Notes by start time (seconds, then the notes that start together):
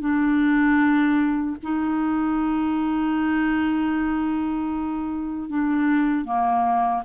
0.00 D4
1.63 D#4
5.49 D4
6.24 A#3